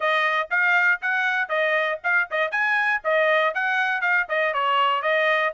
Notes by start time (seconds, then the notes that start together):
0.00 D#5
0.50 F5
1.01 F#5
1.49 D#5
2.03 F5
2.31 D#5
2.51 G#5
3.04 D#5
3.54 F#5
4.01 F5
4.29 D#5
4.53 C#5
5.02 D#5